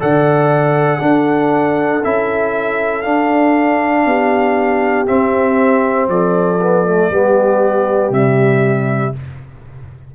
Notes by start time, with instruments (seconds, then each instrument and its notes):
0.00 tuba D3, trombone A4, horn D5, trumpet F#5
0.99 trombone D4, tuba D4, horn A4
2.03 tuba C#4, trombone E4, trumpet E5
3.02 trombone D4, tuba D4, trumpet F5
4.06 tuba B3, horn G4
5.07 trombone C4, tuba C4, trumpet E5
6.08 tuba F3, horn A4, trumpet D5
6.61 trombone B3
6.86 trombone A3
7.10 tuba G3, trombone B3, horn G4
8.10 tuba C3, trombone G3, trumpet E5